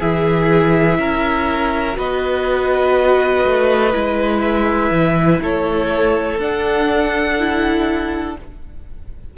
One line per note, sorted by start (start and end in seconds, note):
0.00 0.99 E3
0.00 1.94 E4
0.00 0.98 G#4
0.00 1.98 E5
0.99 1.97 C#4
0.99 1.98 A#4
1.94 3.45 B3
1.94 3.91 F#4
1.94 5.42 B4
1.94 4.41 D#5
3.45 3.95 A3
3.93 4.91 G#3
3.93 6.39 E4
4.41 5.40 E5
4.91 5.40 E3
5.42 6.40 A3
5.42 8.38 A4
5.42 6.40 C#5
6.40 8.36 D4
6.40 7.39 D4
6.40 8.37 F#5
7.39 8.37 E4